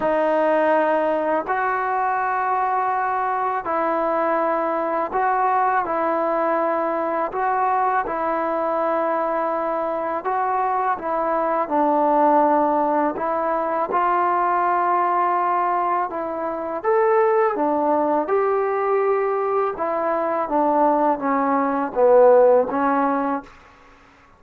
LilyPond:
\new Staff \with { instrumentName = "trombone" } { \time 4/4 \tempo 4 = 82 dis'2 fis'2~ | fis'4 e'2 fis'4 | e'2 fis'4 e'4~ | e'2 fis'4 e'4 |
d'2 e'4 f'4~ | f'2 e'4 a'4 | d'4 g'2 e'4 | d'4 cis'4 b4 cis'4 | }